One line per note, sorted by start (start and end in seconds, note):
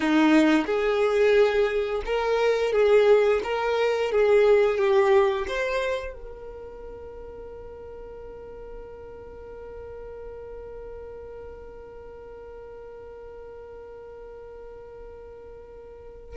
0.00 0.65 D#4
0.66 2.02 G#4
2.05 2.72 A#4
2.72 3.40 G#4
3.43 4.11 A#4
4.11 4.78 G#4
4.78 5.46 G4
5.47 6.13 C5
6.13 16.36 A#4